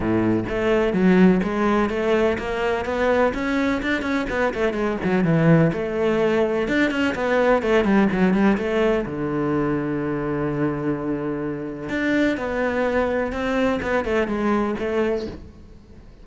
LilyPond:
\new Staff \with { instrumentName = "cello" } { \time 4/4 \tempo 4 = 126 a,4 a4 fis4 gis4 | a4 ais4 b4 cis'4 | d'8 cis'8 b8 a8 gis8 fis8 e4 | a2 d'8 cis'8 b4 |
a8 g8 fis8 g8 a4 d4~ | d1~ | d4 d'4 b2 | c'4 b8 a8 gis4 a4 | }